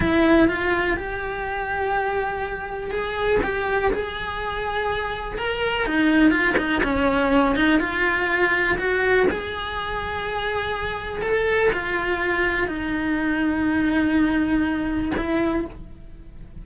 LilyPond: \new Staff \with { instrumentName = "cello" } { \time 4/4 \tempo 4 = 123 e'4 f'4 g'2~ | g'2 gis'4 g'4 | gis'2. ais'4 | dis'4 f'8 dis'8 cis'4. dis'8 |
f'2 fis'4 gis'4~ | gis'2. a'4 | f'2 dis'2~ | dis'2. e'4 | }